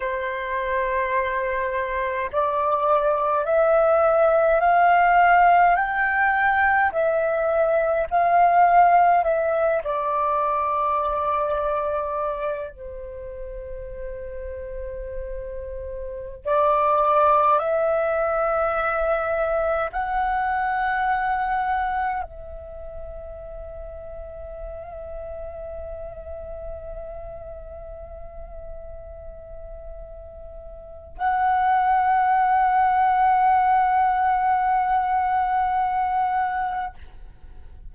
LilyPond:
\new Staff \with { instrumentName = "flute" } { \time 4/4 \tempo 4 = 52 c''2 d''4 e''4 | f''4 g''4 e''4 f''4 | e''8 d''2~ d''8 c''4~ | c''2~ c''16 d''4 e''8.~ |
e''4~ e''16 fis''2 e''8.~ | e''1~ | e''2. fis''4~ | fis''1 | }